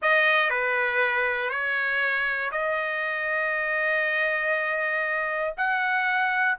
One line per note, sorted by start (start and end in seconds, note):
0.02 0.50 D#5
0.50 1.50 B4
1.50 2.50 C#5
2.51 5.54 D#5
5.57 6.58 F#5